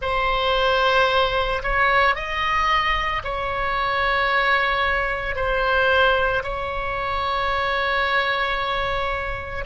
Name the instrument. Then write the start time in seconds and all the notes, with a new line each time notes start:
oboe
0.01 C5
1.62 C#5
2.15 D#5
3.23 C#5
5.35 C5
6.43 C#5